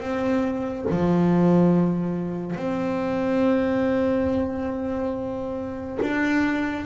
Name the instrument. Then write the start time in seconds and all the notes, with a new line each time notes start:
double bass
0.00 C4
0.90 F3
2.56 C4
6.02 D4